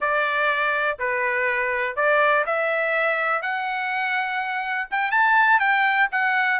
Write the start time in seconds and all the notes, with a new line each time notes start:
0.00 D5
0.99 B4
1.96 D5
2.45 E5
3.41 F#5
4.90 G5
5.11 A5
5.59 G5
6.11 F#5